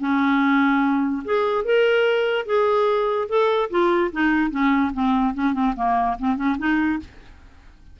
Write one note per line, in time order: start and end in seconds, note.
0.00 1.23 C#4
1.25 1.65 G#4
1.65 2.46 A#4
2.46 3.28 G#4
3.29 3.70 A4
3.70 4.11 F4
4.12 4.51 D#4
4.51 4.92 C#4
4.93 5.34 C4
5.34 5.54 C#4
5.54 5.74 C4
5.76 6.17 A#3
6.19 6.36 C4
6.36 6.57 C#4
6.58 7.00 D#4